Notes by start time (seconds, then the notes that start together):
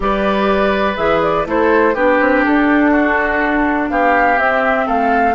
0.00 G3 G4 B4 D5
0.96 E3 G#4 E5
1.22 D5
1.45 A3 E4 A4 C5
1.94 B3 D4 G4 B4
2.20 C4
2.44 D4 A4
2.91 F#4
3.89 B3 G4 F5
4.36 C4 E5
4.86 A3 A4 F5